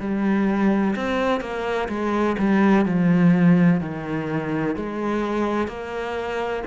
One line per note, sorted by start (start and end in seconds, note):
0.00 0.95 G3
0.96 1.41 C4
1.41 1.88 A#3
1.89 2.36 G#3
2.39 2.86 G3
2.86 3.81 F3
3.81 4.76 D#3
4.76 5.68 G#3
5.68 6.63 A#3